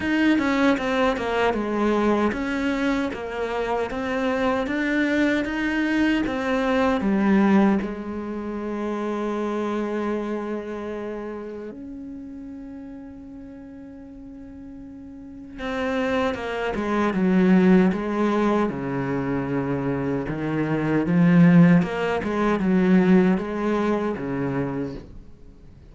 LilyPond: \new Staff \with { instrumentName = "cello" } { \time 4/4 \tempo 4 = 77 dis'8 cis'8 c'8 ais8 gis4 cis'4 | ais4 c'4 d'4 dis'4 | c'4 g4 gis2~ | gis2. cis'4~ |
cis'1 | c'4 ais8 gis8 fis4 gis4 | cis2 dis4 f4 | ais8 gis8 fis4 gis4 cis4 | }